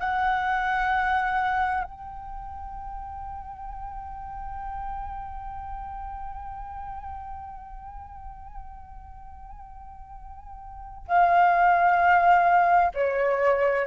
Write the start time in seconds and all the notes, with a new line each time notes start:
0.00 F#5
1.84 G5
11.08 F5
12.94 C#5